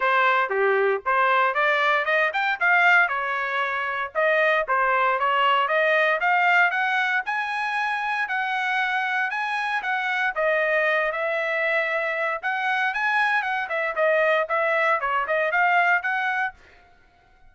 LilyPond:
\new Staff \with { instrumentName = "trumpet" } { \time 4/4 \tempo 4 = 116 c''4 g'4 c''4 d''4 | dis''8 g''8 f''4 cis''2 | dis''4 c''4 cis''4 dis''4 | f''4 fis''4 gis''2 |
fis''2 gis''4 fis''4 | dis''4. e''2~ e''8 | fis''4 gis''4 fis''8 e''8 dis''4 | e''4 cis''8 dis''8 f''4 fis''4 | }